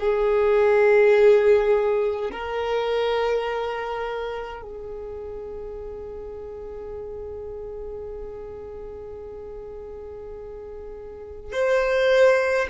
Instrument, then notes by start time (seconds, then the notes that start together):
violin
0.00 G#4
2.31 A#4
4.62 G#4
11.52 C5